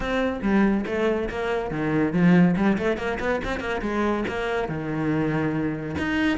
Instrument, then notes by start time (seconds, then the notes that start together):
cello
0.00 C4
0.42 G3
0.86 A3
1.29 A#3
1.70 D#3
2.12 F3
2.56 G3
2.78 A3
2.97 A#3
3.19 B3
3.44 C4
3.60 A#3
3.81 G#3
4.27 A#3
4.68 D#3
5.97 D#4